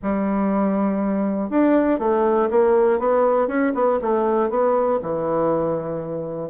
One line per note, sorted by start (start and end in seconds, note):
0.02 1.50 G3
1.50 1.99 D4
1.99 2.49 A3
2.50 2.99 A#3
2.99 3.47 B3
3.47 3.72 C#4
3.74 3.99 B3
4.01 4.49 A3
4.49 4.99 B3
5.02 6.50 E3